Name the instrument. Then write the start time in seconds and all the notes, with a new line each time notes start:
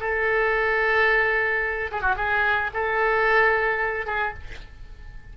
oboe
0.00 A4
1.92 G#4
2.02 F#4
2.16 G#4
2.74 A4
4.06 G#4